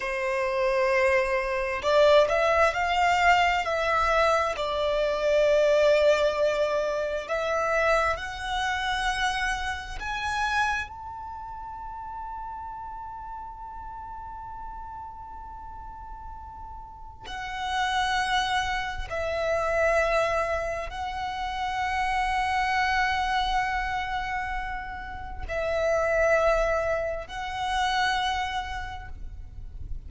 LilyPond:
\new Staff \with { instrumentName = "violin" } { \time 4/4 \tempo 4 = 66 c''2 d''8 e''8 f''4 | e''4 d''2. | e''4 fis''2 gis''4 | a''1~ |
a''2. fis''4~ | fis''4 e''2 fis''4~ | fis''1 | e''2 fis''2 | }